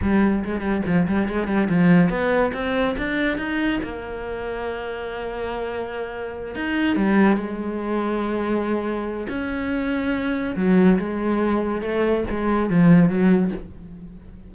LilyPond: \new Staff \with { instrumentName = "cello" } { \time 4/4 \tempo 4 = 142 g4 gis8 g8 f8 g8 gis8 g8 | f4 b4 c'4 d'4 | dis'4 ais2.~ | ais2.~ ais8 dis'8~ |
dis'8 g4 gis2~ gis8~ | gis2 cis'2~ | cis'4 fis4 gis2 | a4 gis4 f4 fis4 | }